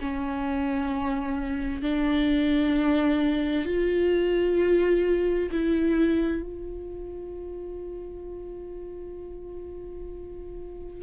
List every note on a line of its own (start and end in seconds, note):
0.00 1.83 C#4
1.83 3.65 D4
3.65 5.50 F4
5.51 6.42 E4
6.42 11.03 F4